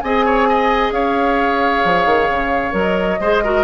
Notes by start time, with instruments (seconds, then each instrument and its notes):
0.00 bassoon C4, clarinet G#4, oboe D#5, flute G#5
0.25 oboe C#5
0.49 oboe D#5
0.91 bassoon C#4, oboe C#5, flute F5
1.85 bassoon F3
2.05 bassoon D#3
2.29 bassoon C#3
2.71 bassoon F#3, clarinet A#4, flute D#5
3.19 bassoon G#3, clarinet G#4, oboe C5
3.43 clarinet F#4, oboe A#4